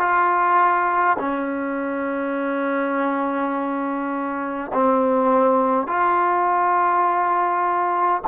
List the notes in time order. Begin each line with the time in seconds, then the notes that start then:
0.00 F4
1.19 C#4
4.74 C4
5.88 F4